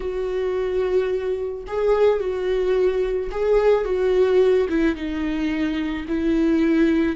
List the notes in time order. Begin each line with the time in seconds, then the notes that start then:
0.00 F#4
1.67 G#4
2.20 F#4
3.31 G#4
3.85 F#4
4.69 E4
4.95 D#4
6.08 E4